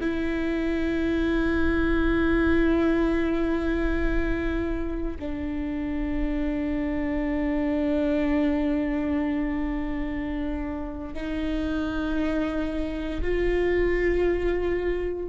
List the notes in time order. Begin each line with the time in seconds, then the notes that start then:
0.00 E4
5.19 D4
11.13 D#4
13.21 F4